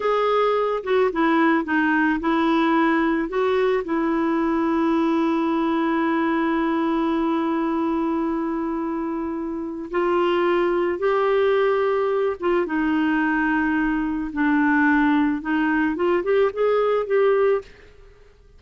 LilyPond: \new Staff \with { instrumentName = "clarinet" } { \time 4/4 \tempo 4 = 109 gis'4. fis'8 e'4 dis'4 | e'2 fis'4 e'4~ | e'1~ | e'1~ |
e'2 f'2 | g'2~ g'8 f'8 dis'4~ | dis'2 d'2 | dis'4 f'8 g'8 gis'4 g'4 | }